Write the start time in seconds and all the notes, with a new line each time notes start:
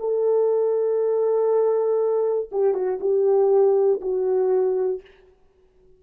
0.00 A4
2.51 G4
2.74 F#4
3.00 G4
4.01 F#4